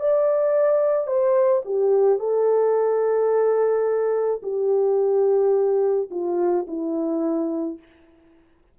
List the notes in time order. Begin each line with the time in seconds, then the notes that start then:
0.00 D5
1.07 C5
1.66 G4
2.19 A4
4.43 G4
6.11 F4
6.68 E4